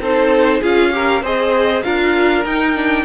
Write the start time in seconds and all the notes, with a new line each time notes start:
0.00 C4 D#4 A4 C5
0.60 C#4 F4 G#4 F5
0.92 G4 A#4
1.23 C4 G#4 C5 D#5
1.83 D4 F4 A#4 F5
2.46 D#4 G5
2.75 D4